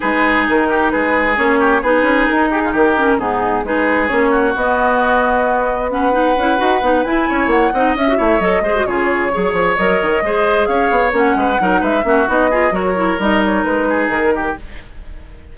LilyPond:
<<
  \new Staff \with { instrumentName = "flute" } { \time 4/4 \tempo 4 = 132 b'4 ais'4 b'4 cis''4 | b'4 ais'8 gis'8 ais'4 gis'4 | b'4 cis''4 dis''2~ | dis''4 fis''2~ fis''8 gis''8~ |
gis''8 fis''4 e''4 dis''4 cis''8~ | cis''4. dis''2 f''8~ | f''8 fis''4. e''4 dis''4 | cis''4 dis''8 cis''8 b'4 ais'4 | }
  \new Staff \with { instrumentName = "oboe" } { \time 4/4 gis'4. g'8 gis'4. g'8 | gis'4. g'16 f'16 g'4 dis'4 | gis'4. fis'2~ fis'8~ | fis'4 b'2. |
cis''4 dis''4 cis''4 c''8 gis'8~ | gis'8 cis''2 c''4 cis''8~ | cis''4 b'8 ais'8 b'8 fis'4 gis'8 | ais'2~ ais'8 gis'4 g'8 | }
  \new Staff \with { instrumentName = "clarinet" } { \time 4/4 dis'2. cis'4 | dis'2~ dis'8 cis'8 b4 | dis'4 cis'4 b2~ | b4 cis'8 dis'8 e'8 fis'8 dis'8 e'8~ |
e'4 dis'8 cis'16 fis'16 e'8 a'8 gis'16 fis'16 f'8~ | f'8 gis'4 ais'4 gis'4.~ | gis'8 cis'4 dis'4 cis'8 dis'8 f'8 | fis'8 e'8 dis'2. | }
  \new Staff \with { instrumentName = "bassoon" } { \time 4/4 gis4 dis4 gis4 ais4 | b8 cis'8 dis'4 dis4 gis,4 | gis4 ais4 b2~ | b2 cis'8 dis'8 b8 e'8 |
cis'8 ais8 c'8 cis'8 a8 fis8 gis8 cis8~ | cis8 fis8 f8 fis8 dis8 gis4 cis'8 | b8 ais8 gis8 fis8 gis8 ais8 b4 | fis4 g4 gis4 dis4 | }
>>